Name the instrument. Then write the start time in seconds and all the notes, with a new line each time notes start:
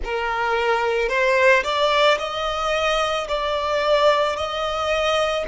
violin
0.03 A#4
1.09 C5
1.63 D5
2.18 D#5
3.27 D5
4.36 D#5